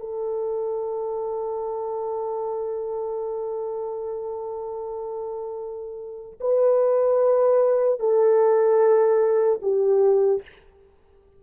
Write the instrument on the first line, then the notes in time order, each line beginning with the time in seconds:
horn
0.00 A4
6.41 B4
8.00 A4
9.63 G4